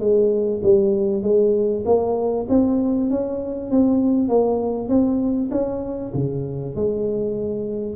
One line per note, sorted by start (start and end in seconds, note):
0.00 0.61 G#3
0.63 1.23 G3
1.23 1.84 G#3
1.86 2.47 A#3
2.49 3.10 C4
3.10 3.71 C#4
3.71 4.29 C4
4.29 4.89 A#3
4.89 5.50 C4
5.51 6.12 C#4
6.14 6.75 C#3
6.76 7.96 G#3